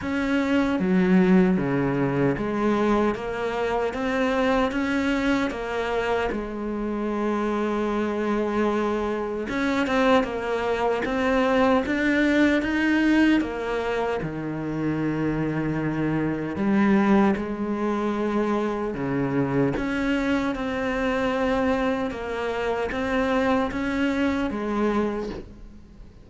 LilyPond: \new Staff \with { instrumentName = "cello" } { \time 4/4 \tempo 4 = 76 cis'4 fis4 cis4 gis4 | ais4 c'4 cis'4 ais4 | gis1 | cis'8 c'8 ais4 c'4 d'4 |
dis'4 ais4 dis2~ | dis4 g4 gis2 | cis4 cis'4 c'2 | ais4 c'4 cis'4 gis4 | }